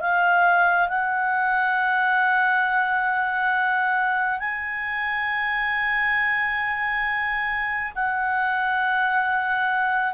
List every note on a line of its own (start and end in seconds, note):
0.00 0.88 F5
0.88 4.39 F#5
4.39 7.92 G#5
7.95 10.13 F#5